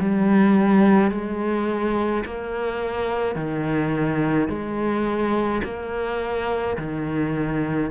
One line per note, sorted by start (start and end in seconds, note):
0.00 1.11 G3
1.11 2.24 G#3
2.25 3.36 A#3
3.36 4.49 D#3
4.49 5.62 G#3
5.64 6.77 A#3
6.78 7.91 D#3